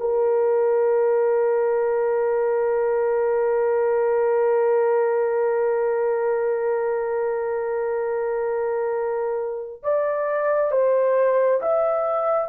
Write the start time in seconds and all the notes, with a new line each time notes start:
0.00 A#4
9.83 D5
10.71 C5
11.62 E5